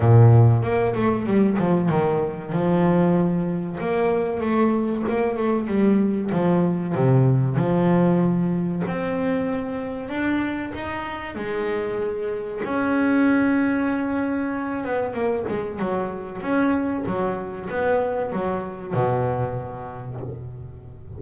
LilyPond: \new Staff \with { instrumentName = "double bass" } { \time 4/4 \tempo 4 = 95 ais,4 ais8 a8 g8 f8 dis4 | f2 ais4 a4 | ais8 a8 g4 f4 c4 | f2 c'2 |
d'4 dis'4 gis2 | cis'2.~ cis'8 b8 | ais8 gis8 fis4 cis'4 fis4 | b4 fis4 b,2 | }